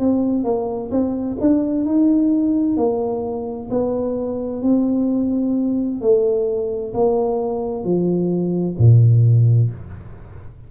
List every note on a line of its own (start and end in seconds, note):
0.00 0.44 C4
0.44 0.91 A#3
0.91 1.38 C4
1.41 1.85 D4
1.85 2.77 D#4
2.77 3.70 A#3
3.70 4.63 B3
4.63 6.01 C4
6.01 6.94 A3
6.94 7.84 A#3
7.84 8.77 F3
8.78 9.70 A#2